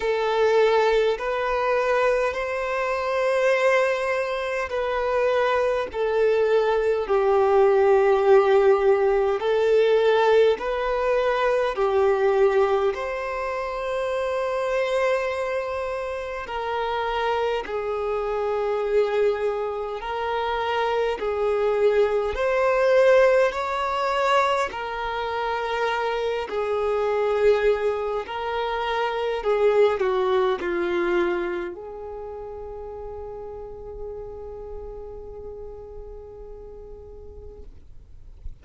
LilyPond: \new Staff \with { instrumentName = "violin" } { \time 4/4 \tempo 4 = 51 a'4 b'4 c''2 | b'4 a'4 g'2 | a'4 b'4 g'4 c''4~ | c''2 ais'4 gis'4~ |
gis'4 ais'4 gis'4 c''4 | cis''4 ais'4. gis'4. | ais'4 gis'8 fis'8 f'4 gis'4~ | gis'1 | }